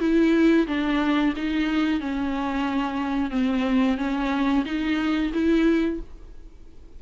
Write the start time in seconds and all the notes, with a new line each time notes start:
0.00 E4
0.67 D4
1.36 D#4
2.00 C#4
3.31 C4
3.98 C#4
4.66 D#4
5.33 E4